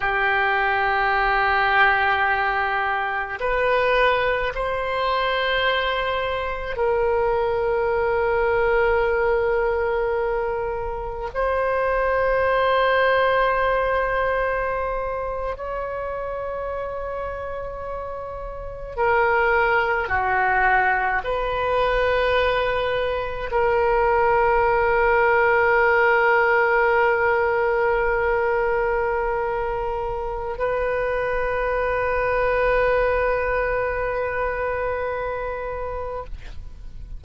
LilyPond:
\new Staff \with { instrumentName = "oboe" } { \time 4/4 \tempo 4 = 53 g'2. b'4 | c''2 ais'2~ | ais'2 c''2~ | c''4.~ c''16 cis''2~ cis''16~ |
cis''8. ais'4 fis'4 b'4~ b'16~ | b'8. ais'2.~ ais'16~ | ais'2. b'4~ | b'1 | }